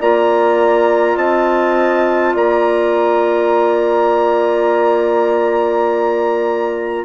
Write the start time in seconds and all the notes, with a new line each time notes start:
0.00 A#3 F4 D5 A#5
1.16 C4 D#5 A5
2.34 A#3 D5 A#5